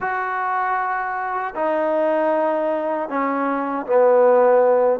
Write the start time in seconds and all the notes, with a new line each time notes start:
0.00 F#4
1.55 D#4
3.09 C#4
3.86 B3